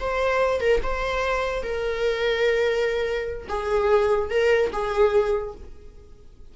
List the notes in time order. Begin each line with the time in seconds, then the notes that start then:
0.00 C5
0.61 A#4
0.83 C5
1.63 A#4
3.49 G#4
4.30 A#4
4.73 G#4